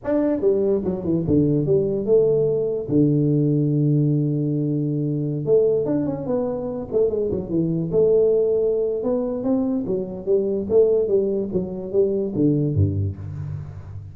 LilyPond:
\new Staff \with { instrumentName = "tuba" } { \time 4/4 \tempo 4 = 146 d'4 g4 fis8 e8 d4 | g4 a2 d4~ | d1~ | d4~ d16 a4 d'8 cis'8 b8.~ |
b8. a8 gis8 fis8 e4 a8.~ | a2 b4 c'4 | fis4 g4 a4 g4 | fis4 g4 d4 g,4 | }